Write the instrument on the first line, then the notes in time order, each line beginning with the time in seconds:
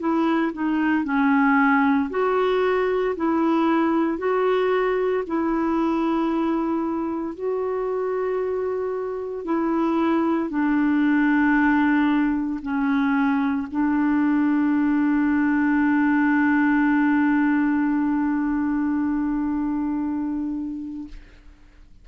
clarinet
0.00 E4
0.53 D#4
1.05 C#4
2.11 F#4
3.16 E4
4.19 F#4
5.27 E4
7.35 F#4
9.45 E4
10.50 D4
12.62 C#4
13.72 D4